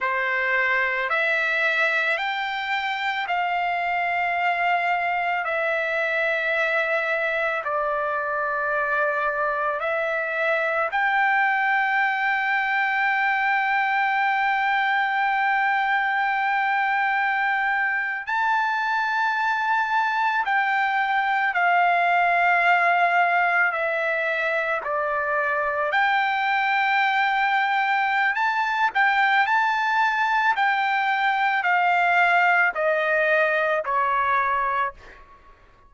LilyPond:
\new Staff \with { instrumentName = "trumpet" } { \time 4/4 \tempo 4 = 55 c''4 e''4 g''4 f''4~ | f''4 e''2 d''4~ | d''4 e''4 g''2~ | g''1~ |
g''8. a''2 g''4 f''16~ | f''4.~ f''16 e''4 d''4 g''16~ | g''2 a''8 g''8 a''4 | g''4 f''4 dis''4 cis''4 | }